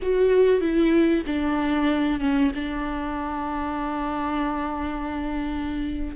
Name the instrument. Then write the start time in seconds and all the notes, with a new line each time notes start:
viola
0.02 F#4
0.61 E4
1.26 D4
2.19 C#4
2.55 D4